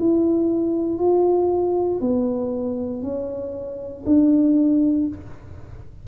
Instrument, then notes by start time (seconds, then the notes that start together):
tuba
0.00 E4
0.99 F4
2.01 B3
3.03 C#4
4.06 D4